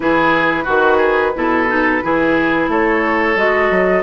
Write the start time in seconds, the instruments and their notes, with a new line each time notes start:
0.00 bassoon E3, clarinet E4, oboe G#4, flute B4
0.64 bassoon D#3, oboe F#4, clarinet F#4
0.97 oboe G#4
1.34 bassoon B2, clarinet E4, oboe A4
1.67 clarinet D#4
2.03 bassoon E3, clarinet E4, oboe G#4
2.68 bassoon A3, oboe A4, flute C#5
3.35 bassoon G#3, clarinet F#4, flute D#5
3.70 bassoon F#3